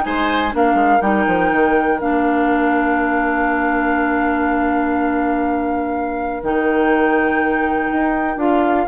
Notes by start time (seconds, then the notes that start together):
0.00 G#3 D#4 C5 G#5
0.51 A#3 D4 A#4 F5
0.74 G#3
1.00 G3 D#4 G5
1.27 F3
1.52 D#3
1.98 A#3 D4 F5
6.42 D#3 D#4 G5
7.92 D#4
8.36 D4 F4 F5